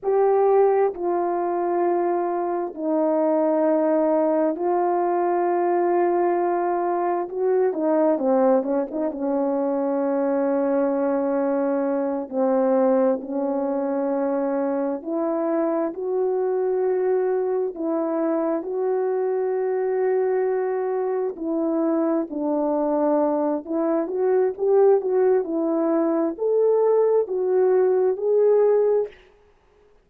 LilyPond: \new Staff \with { instrumentName = "horn" } { \time 4/4 \tempo 4 = 66 g'4 f'2 dis'4~ | dis'4 f'2. | fis'8 dis'8 c'8 cis'16 dis'16 cis'2~ | cis'4. c'4 cis'4.~ |
cis'8 e'4 fis'2 e'8~ | e'8 fis'2. e'8~ | e'8 d'4. e'8 fis'8 g'8 fis'8 | e'4 a'4 fis'4 gis'4 | }